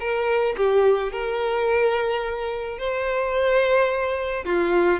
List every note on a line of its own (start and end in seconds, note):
0.00 0.56 A#4
0.57 1.12 G4
1.12 2.78 A#4
2.78 4.45 C5
4.45 5.00 F4